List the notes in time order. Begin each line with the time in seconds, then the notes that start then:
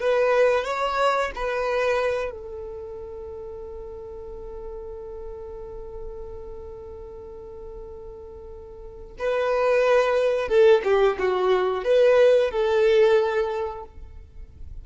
0.00 B4
0.65 C#5
1.35 B4
2.31 A4
9.19 B4
10.48 A4
10.84 G4
11.19 F#4
11.84 B4
12.51 A4